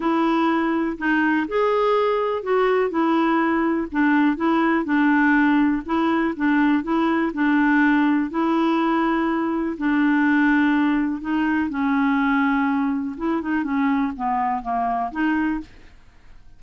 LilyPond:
\new Staff \with { instrumentName = "clarinet" } { \time 4/4 \tempo 4 = 123 e'2 dis'4 gis'4~ | gis'4 fis'4 e'2 | d'4 e'4 d'2 | e'4 d'4 e'4 d'4~ |
d'4 e'2. | d'2. dis'4 | cis'2. e'8 dis'8 | cis'4 b4 ais4 dis'4 | }